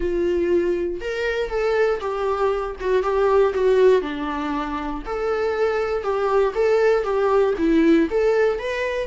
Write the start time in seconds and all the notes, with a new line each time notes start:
0.00 F4
1.01 A#4
1.49 A4
2.00 G4
2.80 F#4
3.03 G4
3.53 F#4
4.01 D4
5.05 A4
6.03 G4
6.54 A4
7.03 G4
7.58 E4
8.10 A4
8.59 B4